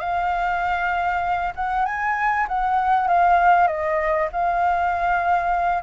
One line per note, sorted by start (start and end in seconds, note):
0.00 1.53 F5
1.56 1.86 F#5
1.86 2.47 G#5
2.49 3.08 F#5
3.08 3.68 F5
3.68 4.29 D#5
4.32 5.83 F5